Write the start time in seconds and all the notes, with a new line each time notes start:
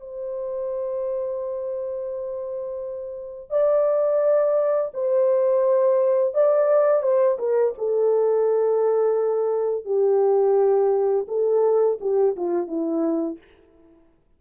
0.00 C5
3.50 D5
4.94 C5
6.34 D5
7.03 C5
7.38 A#4
7.78 A4
9.85 G4
11.28 A4
12.01 G4
12.36 F4
12.67 E4